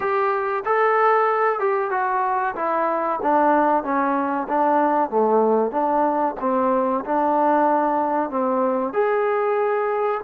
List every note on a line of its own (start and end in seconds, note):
0.00 0.63 G4
0.65 1.59 A4
1.59 1.91 G4
1.91 2.54 F#4
2.55 3.19 E4
3.22 3.83 D4
3.83 4.47 C#4
4.48 5.09 D4
5.09 5.71 A3
5.71 6.35 D4
6.40 7.04 C4
7.05 8.30 D4
8.30 8.93 C4
8.93 10.20 G#4